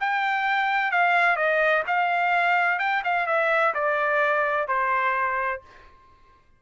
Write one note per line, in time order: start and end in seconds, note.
0.00 0.91 G5
0.91 1.36 F5
1.36 1.83 D#5
1.87 2.79 F5
2.79 3.02 G5
3.04 3.27 F5
3.27 3.74 E5
3.74 4.67 D5
4.67 5.61 C5